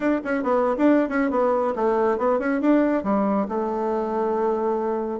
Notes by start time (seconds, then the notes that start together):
0.00 D4
0.24 C#4
0.43 B3
0.77 D4
1.08 C#4
1.30 B3
1.75 A3
2.18 B3
2.39 C#4
2.61 D4
3.03 G3
3.48 A3